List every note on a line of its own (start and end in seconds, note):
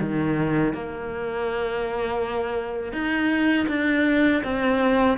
0.00 0.73 D#3
0.73 2.92 A#3
2.92 3.66 D#4
3.68 4.42 D4
4.43 5.18 C4